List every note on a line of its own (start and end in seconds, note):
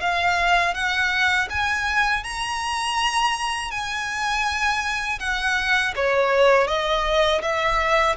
0.00 0.74 F5
0.74 1.48 F#5
1.50 2.24 G#5
2.24 3.71 A#5
3.71 5.19 G#5
5.20 5.94 F#5
5.96 6.67 C#5
6.67 7.41 D#5
7.42 8.16 E5